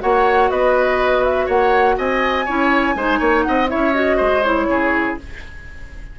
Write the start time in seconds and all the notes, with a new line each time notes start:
0.00 A#3 F#4 C#5 F#5
0.50 B3 B4 D#5
1.23 E5
1.46 A#3 C#5 F#5
1.98 C4 D#5 G#5
2.45 C#4 E4 C#5
2.95 G#3 D#4 C5
3.19 A#3 C#5
3.42 D#5 F#5
3.48 C4
3.68 C#4 E4 C#5 E5
3.93 F#4 D#5
4.16 G#3 C5
4.42 E4 C#5
4.68 C#3 G#4